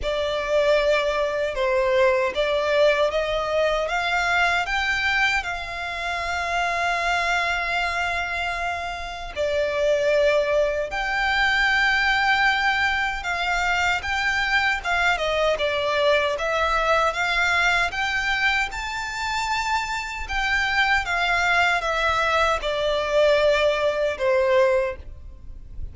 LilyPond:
\new Staff \with { instrumentName = "violin" } { \time 4/4 \tempo 4 = 77 d''2 c''4 d''4 | dis''4 f''4 g''4 f''4~ | f''1 | d''2 g''2~ |
g''4 f''4 g''4 f''8 dis''8 | d''4 e''4 f''4 g''4 | a''2 g''4 f''4 | e''4 d''2 c''4 | }